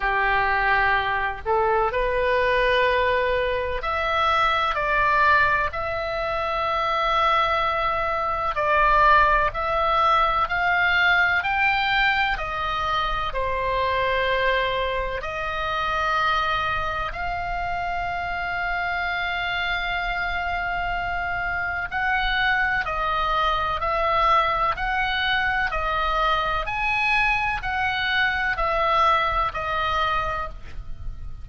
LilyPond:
\new Staff \with { instrumentName = "oboe" } { \time 4/4 \tempo 4 = 63 g'4. a'8 b'2 | e''4 d''4 e''2~ | e''4 d''4 e''4 f''4 | g''4 dis''4 c''2 |
dis''2 f''2~ | f''2. fis''4 | dis''4 e''4 fis''4 dis''4 | gis''4 fis''4 e''4 dis''4 | }